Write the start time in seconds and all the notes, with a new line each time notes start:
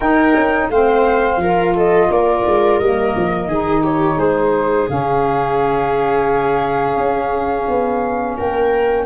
0.00 D#4 A#4 G5
0.35 C#4
0.69 A3 C4 C5 F5
1.36 F3 A#4
1.44 F4
1.74 A4 D#5
2.10 A#3 A#4 D5
2.46 G#3
2.78 G3 A#3 D#5
3.16 F3
3.46 D#3 D#4 G#4
3.83 G4 C#5
4.16 G#3 G#4 C5
4.87 C#3 C#4 F5
6.97 C#4
7.68 B3
8.37 A#3 A#4 G5